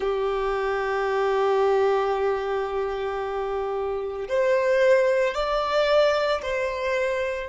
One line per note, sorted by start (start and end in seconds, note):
0.00 4.28 G4
4.28 5.34 C5
5.34 6.41 D5
6.42 7.49 C5